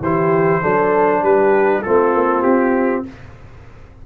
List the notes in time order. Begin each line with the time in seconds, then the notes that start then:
0.00 E3 E4 G4 C5
0.61 F#3 D4 A4
1.22 G3 G4 B4
1.82 A3 C4 F4 A4
2.14 A#3
2.42 C4 G4